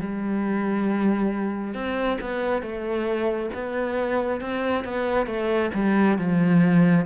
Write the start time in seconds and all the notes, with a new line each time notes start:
0.00 G3
1.74 C4
2.21 B3
2.62 A3
3.54 B3
4.41 C4
4.84 B3
5.27 A3
5.74 G3
6.18 F3